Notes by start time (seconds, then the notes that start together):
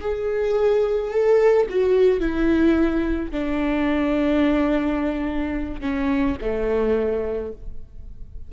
0.00 G#4
1.10 A4
1.69 F#4
2.19 E4
3.31 D4
5.80 C#4
6.41 A3